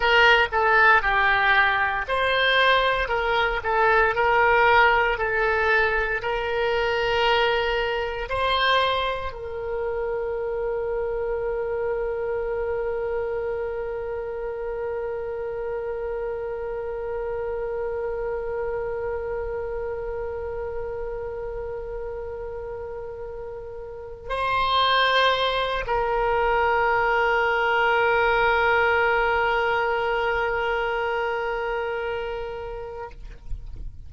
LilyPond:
\new Staff \with { instrumentName = "oboe" } { \time 4/4 \tempo 4 = 58 ais'8 a'8 g'4 c''4 ais'8 a'8 | ais'4 a'4 ais'2 | c''4 ais'2.~ | ais'1~ |
ais'1~ | ais'2.~ ais'8 c''8~ | c''4 ais'2.~ | ais'1 | }